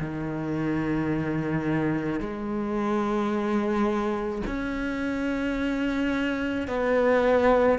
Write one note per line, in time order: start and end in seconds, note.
0.00 2.20 D#3
2.20 4.42 G#3
4.47 6.67 C#4
6.67 7.78 B3